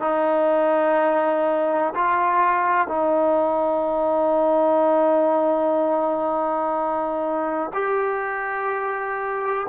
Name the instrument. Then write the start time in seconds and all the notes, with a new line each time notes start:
trombone
0.00 D#4
1.95 F4
2.88 D#4
7.73 G4